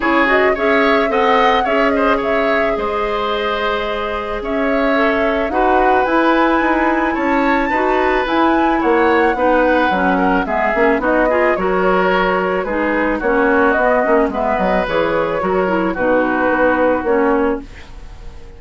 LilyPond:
<<
  \new Staff \with { instrumentName = "flute" } { \time 4/4 \tempo 4 = 109 cis''8 dis''8 e''4 fis''4 e''8 dis''8 | e''4 dis''2. | e''2 fis''4 gis''4~ | gis''4 a''2 gis''4 |
fis''2. e''4 | dis''4 cis''2 b'4 | cis''4 dis''4 e''8 dis''8 cis''4~ | cis''4 b'2 cis''4 | }
  \new Staff \with { instrumentName = "oboe" } { \time 4/4 gis'4 cis''4 dis''4 cis''8 c''8 | cis''4 c''2. | cis''2 b'2~ | b'4 cis''4 b'2 |
cis''4 b'4. ais'8 gis'4 | fis'8 gis'8 ais'2 gis'4 | fis'2 b'2 | ais'4 fis'2. | }
  \new Staff \with { instrumentName = "clarinet" } { \time 4/4 e'8 fis'8 gis'4 a'4 gis'4~ | gis'1~ | gis'4 a'4 fis'4 e'4~ | e'2 fis'4 e'4~ |
e'4 dis'4 cis'4 b8 cis'8 | dis'8 f'8 fis'2 dis'4 | cis'4 b8 cis'8 b4 gis'4 | fis'8 e'8 dis'2 cis'4 | }
  \new Staff \with { instrumentName = "bassoon" } { \time 4/4 cis4 cis'4 c'4 cis'4 | cis4 gis2. | cis'2 dis'4 e'4 | dis'4 cis'4 dis'4 e'4 |
ais4 b4 fis4 gis8 ais8 | b4 fis2 gis4 | ais4 b8 ais8 gis8 fis8 e4 | fis4 b,4 b4 ais4 | }
>>